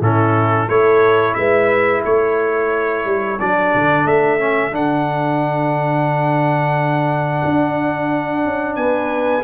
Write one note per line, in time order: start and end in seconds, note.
0.00 0.67 A2
0.00 0.69 C#4
0.00 0.69 E4
0.00 0.69 A4
0.68 1.35 A3
0.68 3.39 E4
0.68 1.38 A4
0.68 1.34 C#5
1.34 2.03 G#3
1.34 2.04 B4
1.34 2.02 E5
2.04 3.05 A3
2.04 8.78 A4
2.04 3.39 C#5
3.05 3.38 G3
3.39 3.74 F#3
3.39 4.39 D4
3.39 4.07 D5
3.75 4.05 D3
4.05 4.71 A3
4.05 4.74 E5
4.39 4.71 C#4
4.71 7.41 D3
4.71 9.43 D4
4.71 8.76 F#5
7.45 8.44 D4
8.44 8.76 C#4
8.76 9.44 B3
8.76 9.44 B4
8.76 9.43 G#5